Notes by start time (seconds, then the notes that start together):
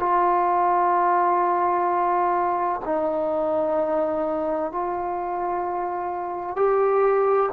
0.00 F4
2.85 D#4
4.72 F4
6.56 G4